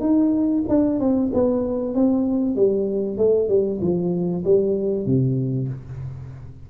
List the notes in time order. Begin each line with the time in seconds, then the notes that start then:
0.00 D#4
0.68 D4
1.00 C4
1.33 B3
1.94 C4
2.55 G3
3.17 A3
3.48 G3
3.81 F3
4.44 G3
5.05 C3